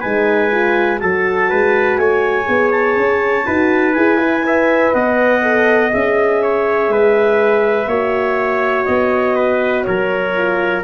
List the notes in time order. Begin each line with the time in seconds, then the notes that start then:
0.00 G#3 D#4 B4 G#5
0.50 F4
0.98 F#3 F#4 A4 A5
1.49 G#3 B4
1.97 A3 C#5 G#5
2.45 B3 G#4
2.71 A5
2.96 C#4
3.45 D#4 F#4 B4
3.93 E4 G#4 G#5
4.17 E4
4.43 B4 E5
4.92 B3 D#5 F#5
5.41 A4
5.90 C#4 G#4 E5
6.42 C#5
6.89 G#3 B4
7.86 A#3 F#4 C#5
8.84 B3 D#5
9.35 B4
9.83 F#3 A#4 C#5
10.34 F4